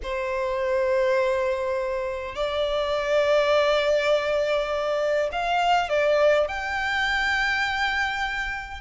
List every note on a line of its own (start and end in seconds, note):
0.02 2.35 C5
2.35 5.29 D5
5.32 5.89 F5
5.89 6.48 D5
6.48 8.81 G5